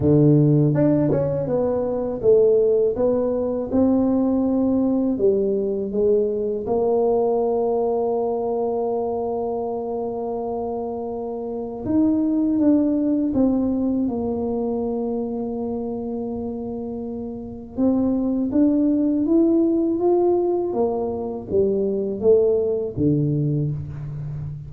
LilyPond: \new Staff \with { instrumentName = "tuba" } { \time 4/4 \tempo 4 = 81 d4 d'8 cis'8 b4 a4 | b4 c'2 g4 | gis4 ais2.~ | ais1 |
dis'4 d'4 c'4 ais4~ | ais1 | c'4 d'4 e'4 f'4 | ais4 g4 a4 d4 | }